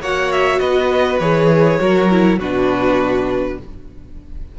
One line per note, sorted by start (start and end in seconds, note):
0.00 0.59 A#3
0.00 1.20 F#4
0.00 0.60 C#5
0.00 0.32 F#5
0.32 0.59 E5
0.59 1.20 B3
0.59 1.79 B4
0.59 1.19 D#5
1.19 1.79 E3
1.19 1.79 G#4
1.19 2.38 C#5
1.79 2.39 F#3
1.79 2.09 F#4
1.79 2.39 A#4
2.10 2.39 E4
2.39 3.58 B2
2.39 3.59 D4
2.39 3.58 F#4
2.39 3.59 B4